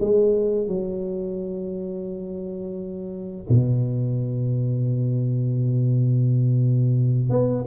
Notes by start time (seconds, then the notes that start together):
0.00 G#3
0.68 F#3
3.49 B2
7.30 B3